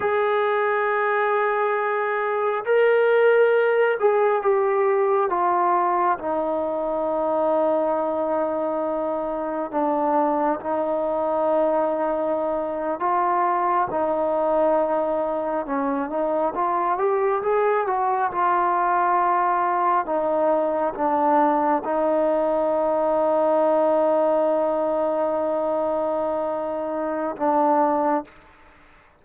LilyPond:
\new Staff \with { instrumentName = "trombone" } { \time 4/4 \tempo 4 = 68 gis'2. ais'4~ | ais'8 gis'8 g'4 f'4 dis'4~ | dis'2. d'4 | dis'2~ dis'8. f'4 dis'16~ |
dis'4.~ dis'16 cis'8 dis'8 f'8 g'8 gis'16~ | gis'16 fis'8 f'2 dis'4 d'16~ | d'8. dis'2.~ dis'16~ | dis'2. d'4 | }